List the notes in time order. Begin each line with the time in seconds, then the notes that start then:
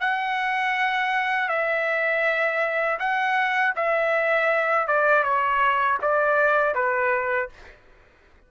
0.00 F#5
1.48 E5
2.99 F#5
3.76 E5
4.88 D5
5.23 C#5
6.02 D5
6.74 B4